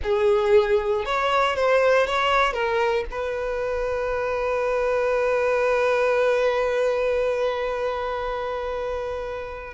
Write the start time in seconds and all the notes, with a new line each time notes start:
0.03 G#4
1.05 C#5
1.55 C5
2.07 C#5
2.53 A#4
3.10 B4